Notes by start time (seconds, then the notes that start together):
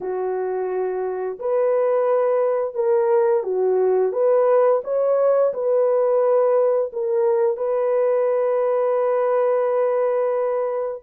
0.00 F#4
1.39 B4
2.74 A#4
3.43 F#4
4.12 B4
4.84 C#5
5.53 B4
6.92 A#4
7.56 B4